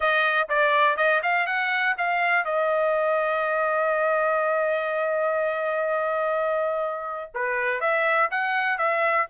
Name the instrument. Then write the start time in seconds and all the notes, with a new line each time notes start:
trumpet
0.00 D#5
0.49 D5
0.96 D#5
1.22 F5
1.46 F#5
1.97 F5
2.45 D#5
7.34 B4
7.80 E5
8.31 F#5
8.78 E5